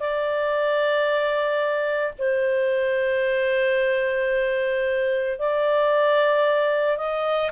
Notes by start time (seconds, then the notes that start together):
0.00 D5
2.19 C5
5.40 D5
6.98 D#5